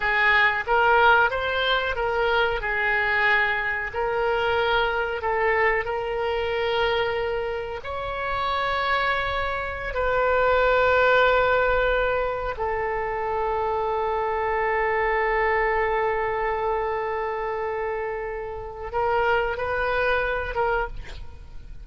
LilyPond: \new Staff \with { instrumentName = "oboe" } { \time 4/4 \tempo 4 = 92 gis'4 ais'4 c''4 ais'4 | gis'2 ais'2 | a'4 ais'2. | cis''2.~ cis''16 b'8.~ |
b'2.~ b'16 a'8.~ | a'1~ | a'1~ | a'4 ais'4 b'4. ais'8 | }